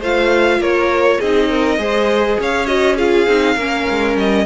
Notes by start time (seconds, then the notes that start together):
0.00 A3 F4 C5 F5
0.58 A#3 A#4 C#5
1.19 C4 D#4 G#4 D#5
1.49 A#4
1.77 G#3 G#4 C5
2.39 C#4 C#5 F5
2.66 F#4 D#5
2.96 F4 G#4 F5
3.26 C4 D#4
3.55 A#3 C#4 A#4
3.90 G#3
4.16 G3 D#5